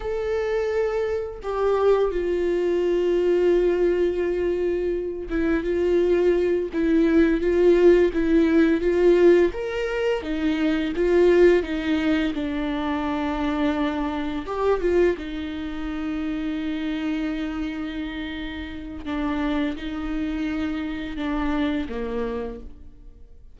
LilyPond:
\new Staff \with { instrumentName = "viola" } { \time 4/4 \tempo 4 = 85 a'2 g'4 f'4~ | f'2.~ f'8 e'8 | f'4. e'4 f'4 e'8~ | e'8 f'4 ais'4 dis'4 f'8~ |
f'8 dis'4 d'2~ d'8~ | d'8 g'8 f'8 dis'2~ dis'8~ | dis'2. d'4 | dis'2 d'4 ais4 | }